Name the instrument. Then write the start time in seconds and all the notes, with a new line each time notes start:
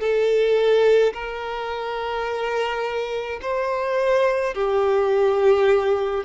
violin
0.00 A4
1.13 A#4
3.42 C5
4.54 G4